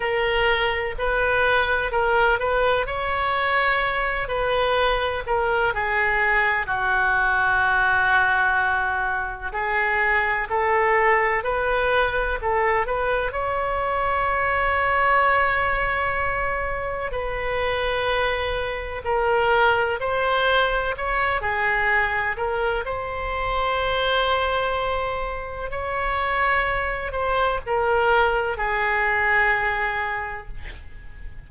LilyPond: \new Staff \with { instrumentName = "oboe" } { \time 4/4 \tempo 4 = 63 ais'4 b'4 ais'8 b'8 cis''4~ | cis''8 b'4 ais'8 gis'4 fis'4~ | fis'2 gis'4 a'4 | b'4 a'8 b'8 cis''2~ |
cis''2 b'2 | ais'4 c''4 cis''8 gis'4 ais'8 | c''2. cis''4~ | cis''8 c''8 ais'4 gis'2 | }